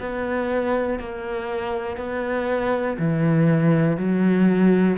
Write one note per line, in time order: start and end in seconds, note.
0.00 1.00 B3
1.00 1.97 A#3
1.97 2.97 B3
2.99 3.98 E3
3.98 4.98 F#3